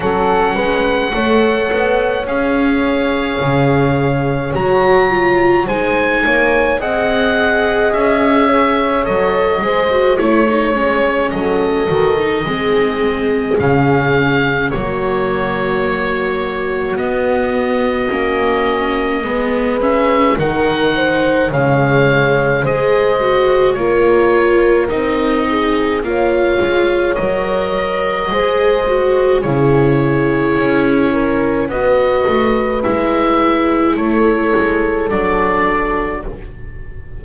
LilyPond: <<
  \new Staff \with { instrumentName = "oboe" } { \time 4/4 \tempo 4 = 53 fis''2 f''2 | ais''4 gis''4 fis''4 e''4 | dis''4 cis''4 dis''2 | f''4 cis''2 dis''4~ |
dis''4. e''8 fis''4 f''4 | dis''4 cis''4 dis''4 f''4 | dis''2 cis''2 | dis''4 e''4 cis''4 d''4 | }
  \new Staff \with { instrumentName = "horn" } { \time 4/4 a'8 b'8 cis''2.~ | cis''4 c''8 cis''8 dis''4. cis''8~ | cis''8 c''8 cis''4 a'4 gis'4~ | gis'4 fis'2.~ |
fis'4 b'4 ais'8 c''8 cis''4 | c''4 ais'4. gis'8 cis''4~ | cis''4 c''4 gis'4. ais'8 | b'2 a'2 | }
  \new Staff \with { instrumentName = "viola" } { \time 4/4 cis'4 a'4 gis'2 | fis'8 f'8 dis'4 gis'2 | a'8 gis'16 fis'16 e'16 dis'16 cis'4 fis'16 dis'16 c'4 | cis'4 ais2 b4 |
cis'4 b8 cis'8 dis'4 gis4 | gis'8 fis'8 f'4 dis'4 f'4 | ais'4 gis'8 fis'8 e'2 | fis'4 e'2 d'4 | }
  \new Staff \with { instrumentName = "double bass" } { \time 4/4 fis8 gis8 a8 b8 cis'4 cis4 | fis4 gis8 ais8 c'4 cis'4 | fis8 gis8 a8 gis8 fis8 dis8 gis4 | cis4 fis2 b4 |
ais4 gis4 dis4 cis4 | gis4 ais4 c'4 ais8 gis8 | fis4 gis4 cis4 cis'4 | b8 a8 gis4 a8 gis8 fis4 | }
>>